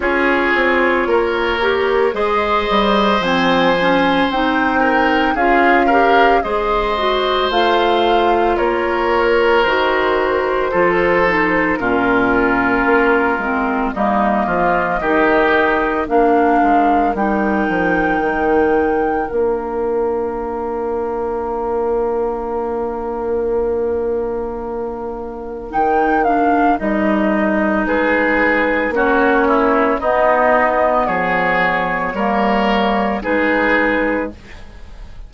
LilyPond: <<
  \new Staff \with { instrumentName = "flute" } { \time 4/4 \tempo 4 = 56 cis''2 dis''4 gis''4 | g''4 f''4 dis''4 f''4 | cis''4 c''2 ais'4~ | ais'4 dis''2 f''4 |
g''2 f''2~ | f''1 | g''8 f''8 dis''4 b'4 cis''4 | dis''4 cis''2 b'4 | }
  \new Staff \with { instrumentName = "oboe" } { \time 4/4 gis'4 ais'4 c''2~ | c''8 ais'8 gis'8 ais'8 c''2 | ais'2 a'4 f'4~ | f'4 dis'8 f'8 g'4 ais'4~ |
ais'1~ | ais'1~ | ais'2 gis'4 fis'8 e'8 | dis'4 gis'4 ais'4 gis'4 | }
  \new Staff \with { instrumentName = "clarinet" } { \time 4/4 f'4. g'8 gis'4 c'8 cis'8 | dis'4 f'8 g'8 gis'8 fis'8 f'4~ | f'4 fis'4 f'8 dis'8 cis'4~ | cis'8 c'8 ais4 dis'4 d'4 |
dis'2 d'2~ | d'1 | dis'8 d'8 dis'2 cis'4 | b2 ais4 dis'4 | }
  \new Staff \with { instrumentName = "bassoon" } { \time 4/4 cis'8 c'8 ais4 gis8 g8 f4 | c'4 cis'4 gis4 a4 | ais4 dis4 f4 ais,4 | ais8 gis8 g8 f8 dis4 ais8 gis8 |
g8 f8 dis4 ais2~ | ais1 | dis4 g4 gis4 ais4 | b4 f4 g4 gis4 | }
>>